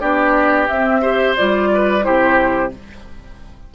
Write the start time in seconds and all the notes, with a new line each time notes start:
0.00 B3 D4 G4 D5
0.68 C4 E5
1.02 G4 C5
1.36 G3 F4 D5
1.74 B4
2.02 C3 E4 G4 C5